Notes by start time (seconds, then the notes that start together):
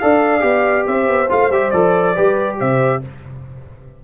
0.00 D4 A4 D5 F5
0.40 B3 G4
0.87 C4 C5 E5
1.08 B3
1.30 A3 F4 F5
1.50 G3 G4 E5
1.71 F3 A4 D5
2.15 G3 G4 B4
2.59 C3 C5 E5